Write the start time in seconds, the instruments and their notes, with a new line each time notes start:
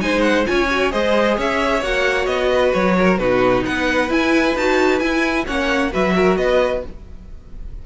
0.00 cello G#3, viola D#4, violin C5 G#5
0.22 violin F#5
0.46 cello C#4, viola F4, violin C#5 G#5
0.70 viola F#4
0.91 cello G#3, viola G#4, violin C5 D#5
1.37 cello C#4, violin C#5 E5
1.82 cello A#3, viola F#4, violin F#5
2.27 cello B3, violin D#5
2.52 violin B4
2.74 cello F#3, violin C#5
2.98 violin A#4
3.18 cello B2, viola D#4, violin F#4 B4
3.64 cello B3, violin B4 F#5
4.09 viola E4, cello E4, violin G#5
4.56 cello D#4, viola F#4, violin A5
5.00 viola E4, cello E4, violin G#5
5.46 cello A#3, viola C#4, violin C#5 F#5
5.92 cello F#3, viola F#4, violin B4 E5
6.16 violin A#4
6.37 cello B3, violin B4 D#5